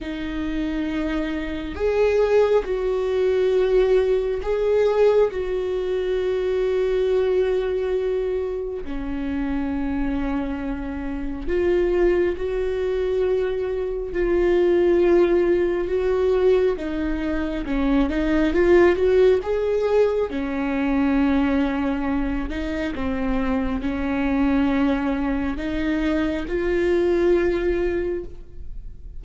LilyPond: \new Staff \with { instrumentName = "viola" } { \time 4/4 \tempo 4 = 68 dis'2 gis'4 fis'4~ | fis'4 gis'4 fis'2~ | fis'2 cis'2~ | cis'4 f'4 fis'2 |
f'2 fis'4 dis'4 | cis'8 dis'8 f'8 fis'8 gis'4 cis'4~ | cis'4. dis'8 c'4 cis'4~ | cis'4 dis'4 f'2 | }